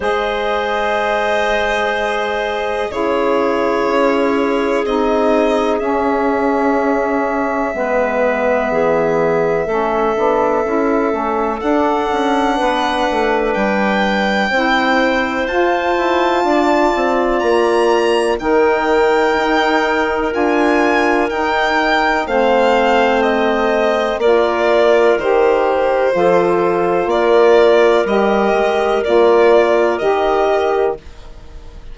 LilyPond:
<<
  \new Staff \with { instrumentName = "violin" } { \time 4/4 \tempo 4 = 62 dis''2. cis''4~ | cis''4 dis''4 e''2~ | e''1 | fis''2 g''2 |
a''2 ais''4 g''4~ | g''4 gis''4 g''4 f''4 | dis''4 d''4 c''2 | d''4 dis''4 d''4 dis''4 | }
  \new Staff \with { instrumentName = "clarinet" } { \time 4/4 c''2. gis'4~ | gis'1 | b'4 gis'4 a'2~ | a'4 b'2 c''4~ |
c''4 d''2 ais'4~ | ais'2. c''4~ | c''4 ais'2 a'4 | ais'1 | }
  \new Staff \with { instrumentName = "saxophone" } { \time 4/4 gis'2. e'4~ | e'4 dis'4 cis'2 | b2 cis'8 d'8 e'8 cis'8 | d'2. e'4 |
f'2. dis'4~ | dis'4 f'4 dis'4 c'4~ | c'4 f'4 g'4 f'4~ | f'4 g'4 f'4 g'4 | }
  \new Staff \with { instrumentName = "bassoon" } { \time 4/4 gis2. cis4 | cis'4 c'4 cis'2 | gis4 e4 a8 b8 cis'8 a8 | d'8 cis'8 b8 a8 g4 c'4 |
f'8 e'8 d'8 c'8 ais4 dis4 | dis'4 d'4 dis'4 a4~ | a4 ais4 dis4 f4 | ais4 g8 gis8 ais4 dis4 | }
>>